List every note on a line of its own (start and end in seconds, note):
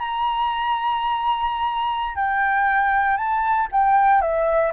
0.00 2.16 A#5
2.16 3.17 G5
3.18 3.68 A5
3.72 4.22 G5
4.22 4.72 E5